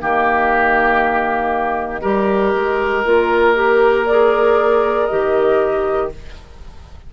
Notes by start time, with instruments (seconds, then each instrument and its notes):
0.00 bassoon D#3, clarinet A#3, oboe G4, flute D#5
2.01 bassoon G3, clarinet G4, oboe A#4
2.54 bassoon G#3
3.05 bassoon A#3, clarinet F4
3.55 clarinet G4
4.06 clarinet G#4, flute D5
5.06 bassoon D#3, clarinet G4, flute D#5